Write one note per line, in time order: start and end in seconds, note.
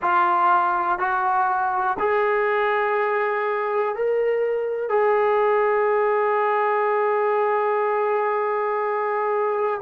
0.02 0.98 F4
0.98 1.97 F#4
1.99 3.95 G#4
3.95 4.89 A#4
4.89 9.80 G#4